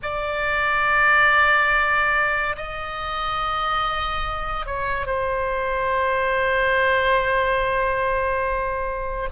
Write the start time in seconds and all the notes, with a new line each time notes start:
0.02 D5
2.56 D#5
4.66 C#5
5.06 C5